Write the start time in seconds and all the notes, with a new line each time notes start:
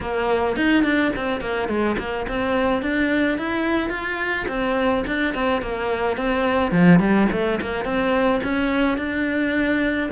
0.00 A#3
0.56 D#4
0.83 D4
1.15 C4
1.40 A#3
1.68 G#3
1.98 A#3
2.28 C4
2.81 D4
3.38 E4
3.89 F4
4.48 C4
5.06 D4
5.34 C4
5.62 A#3
6.17 C4
6.71 F3
6.99 G3
7.32 A3
7.61 A#3
7.85 C4
8.43 C#4
8.97 D4